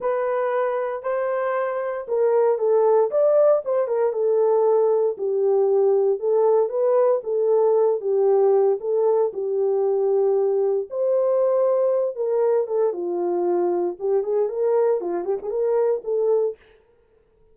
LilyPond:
\new Staff \with { instrumentName = "horn" } { \time 4/4 \tempo 4 = 116 b'2 c''2 | ais'4 a'4 d''4 c''8 ais'8 | a'2 g'2 | a'4 b'4 a'4. g'8~ |
g'4 a'4 g'2~ | g'4 c''2~ c''8 ais'8~ | ais'8 a'8 f'2 g'8 gis'8 | ais'4 f'8 g'16 gis'16 ais'4 a'4 | }